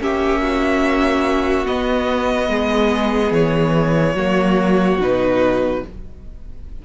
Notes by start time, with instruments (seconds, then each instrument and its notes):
0.00 cello A#3, viola C#4, violin G4 E5
0.42 violin F#4
1.66 viola B3, cello B3, violin D#5
2.49 cello G#3, violin G#4
3.32 cello E3, violin C#5
4.15 cello F#3, viola A#3, violin F#4
4.98 cello B2, viola D#4, violin B4